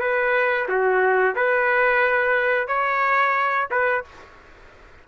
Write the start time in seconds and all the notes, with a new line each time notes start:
0.00 B4
0.68 F#4
1.35 B4
2.68 C#5
3.70 B4